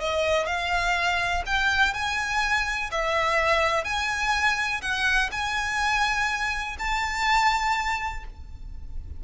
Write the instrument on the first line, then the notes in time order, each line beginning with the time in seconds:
violin
0.00 D#5
0.46 F5
1.46 G5
1.94 G#5
2.91 E5
3.84 G#5
4.82 F#5
5.31 G#5
6.79 A5